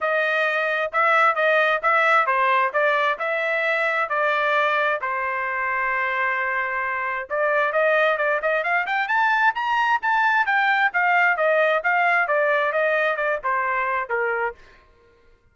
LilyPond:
\new Staff \with { instrumentName = "trumpet" } { \time 4/4 \tempo 4 = 132 dis''2 e''4 dis''4 | e''4 c''4 d''4 e''4~ | e''4 d''2 c''4~ | c''1 |
d''4 dis''4 d''8 dis''8 f''8 g''8 | a''4 ais''4 a''4 g''4 | f''4 dis''4 f''4 d''4 | dis''4 d''8 c''4. ais'4 | }